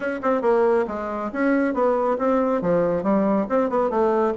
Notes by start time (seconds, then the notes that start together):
0.00 C#4
0.22 C4
0.41 A#3
0.87 G#3
1.32 C#4
1.74 B3
2.18 C4
2.61 F3
3.03 G3
3.49 C4
3.69 B3
3.89 A3